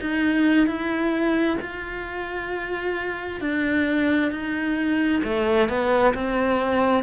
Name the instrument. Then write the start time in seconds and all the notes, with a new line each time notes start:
cello
0.00 D#4
0.67 E4
1.61 F4
3.40 D4
4.31 D#4
5.23 A3
5.68 B3
6.14 C4